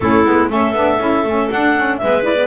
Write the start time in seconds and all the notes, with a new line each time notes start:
0.00 A3 C#4 E4 A4
0.25 G#3 B3
0.49 A3 C#4 A4 E5
0.73 B3 D4
0.99 C#4 E4
1.23 A3 C#4
1.50 D4 F#5
1.75 C#4
1.97 G#3 B3 B4 E5
2.22 E4 D5
2.35 B3